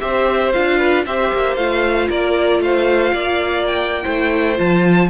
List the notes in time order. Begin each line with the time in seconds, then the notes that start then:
0.00 C4 G4 C5 E5
0.52 D4 F4 F5
0.78 B4
1.05 C4 G4 C5 E5
1.32 A#3
1.56 A3 F4 F5
2.08 A#3 A#4 D5
2.59 A3 C5 F5
3.13 A#3 D5
3.66 G5
4.03 A3 E4 C5
4.56 F3 F4 A5